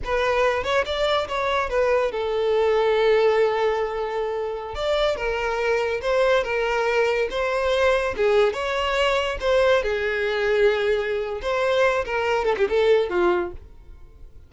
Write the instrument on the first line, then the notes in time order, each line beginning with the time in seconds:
violin
0.04 B4
0.63 C#5
0.85 D5
1.28 C#5
1.69 B4
2.11 A4
4.74 D5
5.16 A#4
6.01 C5
6.43 A#4
7.30 C5
8.16 G#4
8.53 C#5
9.40 C5
9.82 G#4
11.41 C5
12.05 A#4
12.44 A4
12.57 G4
12.69 A4
13.09 F4